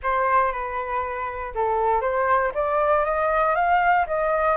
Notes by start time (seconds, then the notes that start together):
0.03 C5
0.52 B4
1.54 A4
2.01 C5
2.54 D5
3.04 D#5
3.55 F5
4.07 D#5